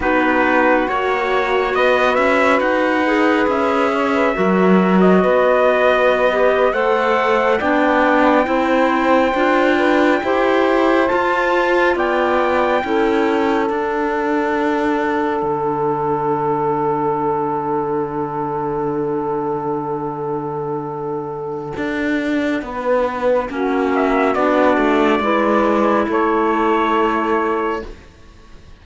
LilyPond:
<<
  \new Staff \with { instrumentName = "trumpet" } { \time 4/4 \tempo 4 = 69 b'4 cis''4 dis''8 e''8 fis''4 | e''4.~ e''16 dis''2 fis''16~ | fis''8. g''2.~ g''16~ | g''8. a''4 g''2 fis''16~ |
fis''1~ | fis''1~ | fis''2.~ fis''8 e''8 | d''2 cis''2 | }
  \new Staff \with { instrumentName = "saxophone" } { \time 4/4 fis'2 b'2~ | b'8 cis''16 b'16 ais'4 b'4.~ b'16 c''16~ | c''8. d''4 c''4. b'8 c''16~ | c''4.~ c''16 d''4 a'4~ a'16~ |
a'1~ | a'1~ | a'2 b'4 fis'4~ | fis'4 b'4 a'2 | }
  \new Staff \with { instrumentName = "clarinet" } { \time 4/4 dis'4 fis'2~ fis'8 gis'8~ | gis'4 fis'2~ fis'16 g'8 a'16~ | a'8. d'4 e'4 f'4 g'16~ | g'8. f'2 e'4 d'16~ |
d'1~ | d'1~ | d'2. cis'4 | d'4 e'2. | }
  \new Staff \with { instrumentName = "cello" } { \time 4/4 b4 ais4 b8 cis'8 dis'4 | cis'4 fis4 b4.~ b16 a16~ | a8. b4 c'4 d'4 e'16~ | e'8. f'4 b4 cis'4 d'16~ |
d'4.~ d'16 d2~ d16~ | d1~ | d4 d'4 b4 ais4 | b8 a8 gis4 a2 | }
>>